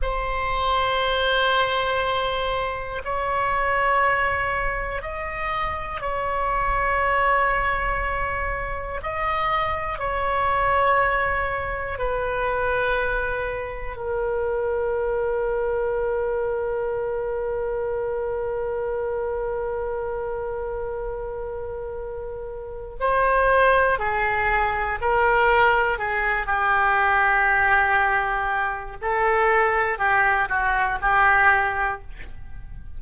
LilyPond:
\new Staff \with { instrumentName = "oboe" } { \time 4/4 \tempo 4 = 60 c''2. cis''4~ | cis''4 dis''4 cis''2~ | cis''4 dis''4 cis''2 | b'2 ais'2~ |
ais'1~ | ais'2. c''4 | gis'4 ais'4 gis'8 g'4.~ | g'4 a'4 g'8 fis'8 g'4 | }